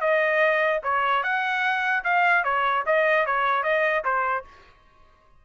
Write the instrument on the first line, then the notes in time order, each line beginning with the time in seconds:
trumpet
0.00 D#5
0.83 C#5
1.23 F#5
2.04 F5
2.44 C#5
2.86 D#5
3.25 C#5
3.63 D#5
4.04 C5